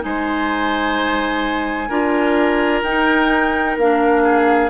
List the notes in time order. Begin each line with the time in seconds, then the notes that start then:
0.00 G#3 D#4 C5 G#5
1.89 D4 F4 A#4
2.83 D#4 G5
3.77 A#3 D4 F5
4.24 G#4